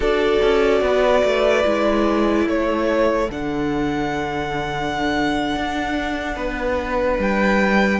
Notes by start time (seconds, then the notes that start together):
0.00 D4 F#4 A4 D5
0.42 C#4
0.81 B3 B4
1.23 A3
1.64 G#3 E4
2.46 A3 A4 C#5
3.30 D3 D4 F#5
5.55 D4
6.36 B3 B4
7.18 G3 G5